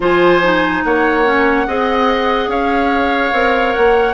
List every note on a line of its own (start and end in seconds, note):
0.00 0.84 F3
0.00 0.41 F4
0.00 0.84 C5
0.00 0.84 G#5
0.42 1.24 D#4
0.84 1.67 A#3
0.84 1.67 C#5
0.84 2.50 F#5
1.24 1.66 C#4
1.66 2.47 C4
1.66 3.33 G#4
1.66 2.49 D#5
2.47 3.30 C#4
2.47 4.14 C#5
2.47 3.73 F5
3.32 3.74 C4
3.32 4.14 A#4
3.73 4.14 A#3
3.73 4.14 F#5